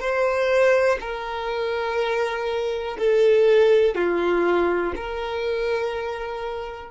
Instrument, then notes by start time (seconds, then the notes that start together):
violin
0.00 C5
1.01 A#4
2.98 A4
3.95 F4
4.96 A#4